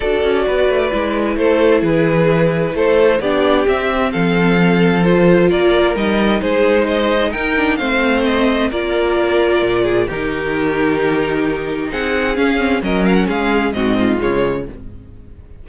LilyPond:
<<
  \new Staff \with { instrumentName = "violin" } { \time 4/4 \tempo 4 = 131 d''2. c''4 | b'2 c''4 d''4 | e''4 f''2 c''4 | d''4 dis''4 c''4 dis''4 |
g''4 f''4 dis''4 d''4~ | d''2 ais'2~ | ais'2 fis''4 f''4 | dis''8 f''16 fis''16 f''4 dis''4 cis''4 | }
  \new Staff \with { instrumentName = "violin" } { \time 4/4 a'4 b'2 a'4 | gis'2 a'4 g'4~ | g'4 a'2. | ais'2 gis'4 c''4 |
ais'4 c''2 ais'4~ | ais'4. gis'8 g'2~ | g'2 gis'2 | ais'4 gis'4 fis'8 f'4. | }
  \new Staff \with { instrumentName = "viola" } { \time 4/4 fis'2 e'2~ | e'2. d'4 | c'2. f'4~ | f'4 dis'2.~ |
dis'8 d'8 c'2 f'4~ | f'2 dis'2~ | dis'2. cis'8 c'8 | cis'2 c'4 gis4 | }
  \new Staff \with { instrumentName = "cello" } { \time 4/4 d'8 cis'8 b8 a8 gis4 a4 | e2 a4 b4 | c'4 f2. | ais4 g4 gis2 |
dis'4 a2 ais4~ | ais4 ais,4 dis2~ | dis2 c'4 cis'4 | fis4 gis4 gis,4 cis4 | }
>>